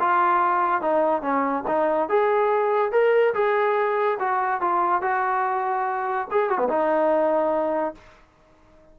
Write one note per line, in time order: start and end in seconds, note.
0.00 0.81 F4
0.81 1.22 D#4
1.22 1.64 C#4
1.67 2.09 D#4
2.09 2.92 G#4
2.92 3.34 A#4
3.34 4.18 G#4
4.19 4.61 F#4
4.61 5.02 F4
5.02 6.28 F#4
6.31 6.50 G#4
6.50 6.58 F#4
6.58 6.68 B3
6.69 7.95 D#4